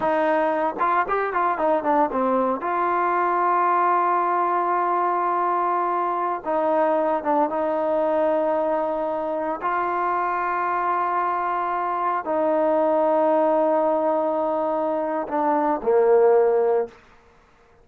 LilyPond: \new Staff \with { instrumentName = "trombone" } { \time 4/4 \tempo 4 = 114 dis'4. f'8 g'8 f'8 dis'8 d'8 | c'4 f'2.~ | f'1~ | f'16 dis'4. d'8 dis'4.~ dis'16~ |
dis'2~ dis'16 f'4.~ f'16~ | f'2.~ f'16 dis'8.~ | dis'1~ | dis'4 d'4 ais2 | }